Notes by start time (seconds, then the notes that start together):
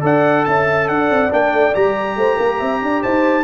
0.00 D4 A4 D5 F#5
0.45 C#4 E5 A5
0.88 D4 D5 F#5
1.10 C4
1.30 A#3 D4 G5
1.52 A3
1.74 G3 G4 A#5
2.16 A3 C5
2.35 A#3 A#4
2.58 C4 E5
2.81 D4 D5
3.02 D#4 C5 A5